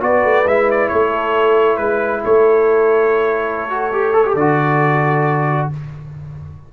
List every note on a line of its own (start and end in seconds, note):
0.00 0.24 B3
0.00 0.44 F#4
0.00 0.92 B4
0.00 0.48 D5
0.24 0.45 A3
0.45 0.90 G#3
0.45 3.70 E4
0.45 0.70 E5
0.71 0.89 D5
0.89 1.79 A3
0.89 1.79 A4
0.89 1.77 C#5
1.77 2.23 G#3
1.77 2.21 B4
1.77 2.23 B4
2.25 4.35 A3
2.25 5.71 A4
2.25 4.35 C#5
3.70 3.92 F#4
3.92 4.14 G4
4.14 4.25 A4
4.26 4.37 G4
4.35 5.68 D3
4.35 5.73 F#4
4.35 5.69 D5